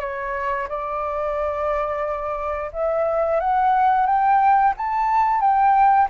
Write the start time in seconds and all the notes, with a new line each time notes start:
0.00 C#5
0.68 D5
2.72 E5
3.40 F#5
4.06 G5
4.77 A5
5.41 G5